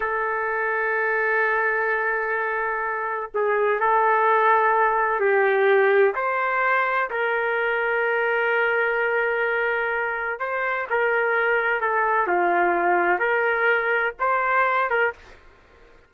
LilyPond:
\new Staff \with { instrumentName = "trumpet" } { \time 4/4 \tempo 4 = 127 a'1~ | a'2. gis'4 | a'2. g'4~ | g'4 c''2 ais'4~ |
ais'1~ | ais'2 c''4 ais'4~ | ais'4 a'4 f'2 | ais'2 c''4. ais'8 | }